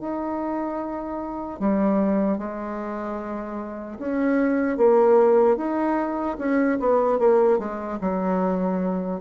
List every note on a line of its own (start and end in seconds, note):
0.00 1.59 D#4
1.59 2.38 G3
2.38 3.98 G#3
3.99 4.77 C#4
4.77 5.56 A#3
5.56 6.36 D#4
6.38 6.78 C#4
6.79 7.19 B3
7.19 7.59 A#3
7.59 7.99 G#3
8.01 9.20 F#3